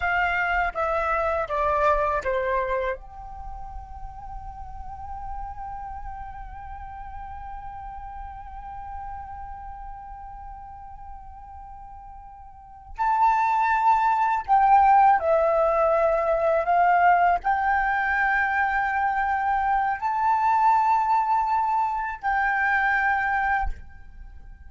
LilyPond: \new Staff \with { instrumentName = "flute" } { \time 4/4 \tempo 4 = 81 f''4 e''4 d''4 c''4 | g''1~ | g''1~ | g''1~ |
g''4. a''2 g''8~ | g''8 e''2 f''4 g''8~ | g''2. a''4~ | a''2 g''2 | }